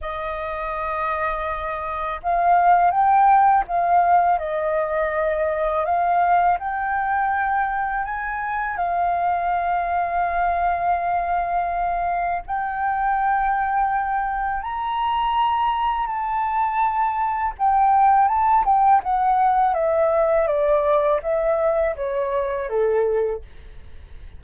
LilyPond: \new Staff \with { instrumentName = "flute" } { \time 4/4 \tempo 4 = 82 dis''2. f''4 | g''4 f''4 dis''2 | f''4 g''2 gis''4 | f''1~ |
f''4 g''2. | ais''2 a''2 | g''4 a''8 g''8 fis''4 e''4 | d''4 e''4 cis''4 a'4 | }